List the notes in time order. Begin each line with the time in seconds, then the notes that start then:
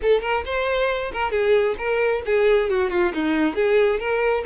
0.01 A4
0.21 A#4
0.45 C5
1.13 A#4
1.31 G#4
1.78 A#4
2.25 G#4
2.69 F#4
2.90 F4
3.14 D#4
3.55 G#4
3.99 A#4